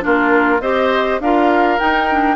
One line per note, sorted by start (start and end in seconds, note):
0.00 0.60 A#3
0.00 0.59 D4
0.00 0.61 F4
0.00 0.60 A#4
0.60 1.19 C4
0.60 1.21 G4
0.60 1.20 C5
0.60 1.19 D#5
1.19 1.78 D4
1.19 1.79 F4
1.19 2.36 A#4
1.19 1.79 F5
1.79 2.08 D#4
1.79 2.36 D#4
1.79 2.36 G5
2.10 2.36 D4